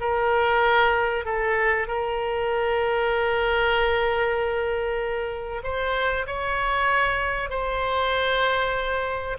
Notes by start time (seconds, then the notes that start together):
0.00 A#4
1.25 A4
1.87 A#4
5.63 C5
6.26 C#5
7.50 C5